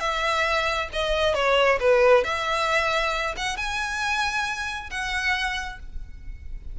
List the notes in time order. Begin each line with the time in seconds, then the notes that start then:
0.00 E5
0.93 D#5
1.35 C#5
1.80 B4
2.24 E5
3.37 F#5
3.57 G#5
4.91 F#5